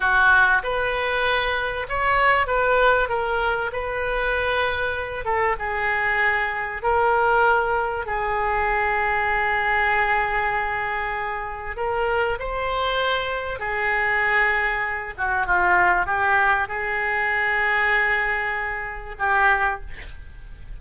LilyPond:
\new Staff \with { instrumentName = "oboe" } { \time 4/4 \tempo 4 = 97 fis'4 b'2 cis''4 | b'4 ais'4 b'2~ | b'8 a'8 gis'2 ais'4~ | ais'4 gis'2.~ |
gis'2. ais'4 | c''2 gis'2~ | gis'8 fis'8 f'4 g'4 gis'4~ | gis'2. g'4 | }